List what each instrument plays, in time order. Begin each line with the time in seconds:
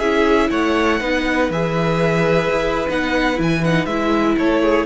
0.00 cello C#4, viola E4, violin G#4 E5
0.51 cello A3, violin C#5 F#5
1.00 cello B3, viola D#4, violin B4
1.50 cello E3, viola G#4, violin E5
2.51 cello E4
2.89 cello B3, viola D#4, violin F#5
3.36 cello E3, viola E4
3.43 violin G#5
3.65 viola D#4, violin F#5
3.86 cello G#3, viola E4, violin E5
4.38 cello A3, violin A4 C#5
4.63 violin G#4